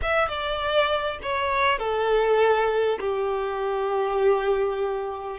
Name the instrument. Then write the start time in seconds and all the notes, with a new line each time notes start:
violin
0.01 E5
0.28 D5
1.22 C#5
1.78 A4
2.99 G4